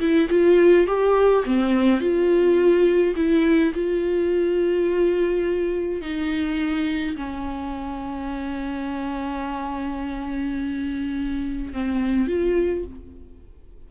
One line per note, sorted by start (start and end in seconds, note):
0.00 0.29 E4
0.30 0.87 F4
0.87 1.44 G4
1.46 2.01 C4
2.01 3.15 F4
3.16 3.73 E4
3.75 6.02 F4
6.02 7.16 D#4
7.17 11.73 C#4
11.73 12.28 C4
12.28 12.85 F4